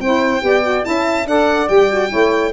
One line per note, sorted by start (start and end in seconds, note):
0.00 0.42 C4
0.00 0.41 E4
0.00 0.43 C5
0.00 0.85 G5
0.41 0.85 B3
0.41 0.62 G4
0.41 0.87 D5
0.63 0.83 F#4
0.83 1.26 C#4
0.83 1.25 E4
0.83 1.28 E5
0.83 1.27 A5
1.26 1.68 D4
1.26 1.68 A4
1.26 2.10 D5
1.26 1.68 F#5
1.68 2.11 G3
1.68 1.89 G4
1.68 2.52 G5
1.90 2.09 F#4
2.09 2.53 A3
2.09 2.51 E4
2.09 2.52 C#5